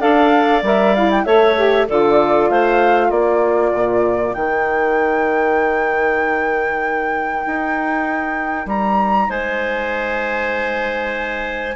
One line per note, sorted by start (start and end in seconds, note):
0.00 0.62 D4
0.00 0.62 A4
0.00 1.24 D5
0.00 0.62 F5
0.62 1.24 G3
0.62 0.95 A#4
0.62 0.95 E5
0.95 1.26 E4
0.95 1.10 F5
1.11 1.25 G5
1.25 1.88 A3
1.25 1.56 A4
1.25 1.87 C#5
1.25 1.87 E5
1.56 1.87 G4
1.88 2.49 D3
1.88 4.34 F4
1.88 2.50 A4
1.88 2.49 D5
2.49 3.10 A3
2.49 3.07 C5
2.49 3.10 F5
3.07 3.72 A#3
3.07 9.25 A#4
3.07 4.34 D5
3.73 4.35 A#2
4.34 7.45 D#3
4.34 11.75 D#4
4.34 8.67 G5
7.46 8.66 D#4
8.66 9.28 G3
8.66 9.30 A#5
9.29 11.75 G#3
9.29 11.75 C5
9.29 11.75 G#5